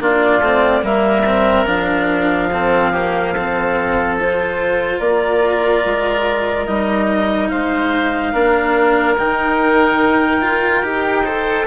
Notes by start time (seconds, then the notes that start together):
0.00 A#3 D4 F4 D5
0.39 A3 C4
0.81 G3 A#3 A#4 E5
1.25 C4
1.65 F3 D4 F5
2.52 C4 A4
2.91 A#3 G4
3.33 C4 A4
4.17 F4 C5
4.99 A#3 A#4 D5
5.85 G#3
6.66 G3 D#4 D#5
7.48 G#3 C5 F5
8.33 A#3 D4 A#4
9.16 D#3 D#4 G5
10.41 F4
10.82 D#4 G4
11.24 A4 C5